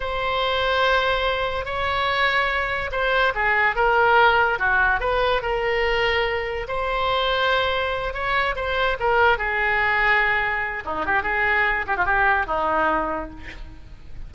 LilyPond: \new Staff \with { instrumentName = "oboe" } { \time 4/4 \tempo 4 = 144 c''1 | cis''2. c''4 | gis'4 ais'2 fis'4 | b'4 ais'2. |
c''2.~ c''8 cis''8~ | cis''8 c''4 ais'4 gis'4.~ | gis'2 dis'8 g'8 gis'4~ | gis'8 g'16 f'16 g'4 dis'2 | }